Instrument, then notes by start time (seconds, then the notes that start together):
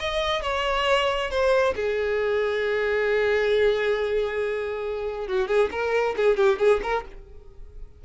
violin
0.00 D#5
0.42 C#5
1.31 C5
1.76 G#4
5.28 F#4
5.48 G#4
5.71 A#4
6.17 G#4
6.37 G4
6.59 G#4
6.83 A#4